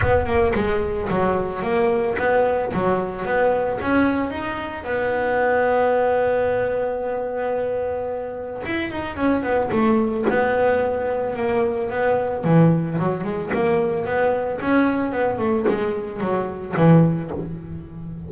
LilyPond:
\new Staff \with { instrumentName = "double bass" } { \time 4/4 \tempo 4 = 111 b8 ais8 gis4 fis4 ais4 | b4 fis4 b4 cis'4 | dis'4 b2.~ | b1 |
e'8 dis'8 cis'8 b8 a4 b4~ | b4 ais4 b4 e4 | fis8 gis8 ais4 b4 cis'4 | b8 a8 gis4 fis4 e4 | }